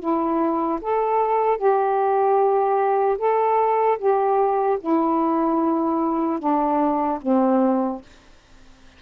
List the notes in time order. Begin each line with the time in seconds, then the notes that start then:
0.00 E4
0.81 A4
1.58 G4
3.18 A4
3.99 G4
4.81 E4
6.40 D4
7.22 C4